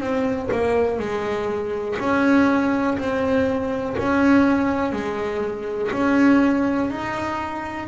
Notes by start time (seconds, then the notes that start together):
0.00 C4
0.52 A#3
0.99 G#3
1.99 C#4
2.98 C4
3.98 C#4
4.92 G#3
5.92 C#4
6.90 D#4